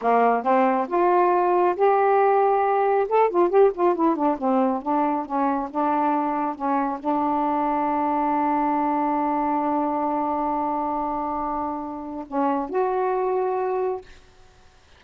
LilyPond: \new Staff \with { instrumentName = "saxophone" } { \time 4/4 \tempo 4 = 137 ais4 c'4 f'2 | g'2. a'8 f'8 | g'8 f'8 e'8 d'8 c'4 d'4 | cis'4 d'2 cis'4 |
d'1~ | d'1~ | d'1 | cis'4 fis'2. | }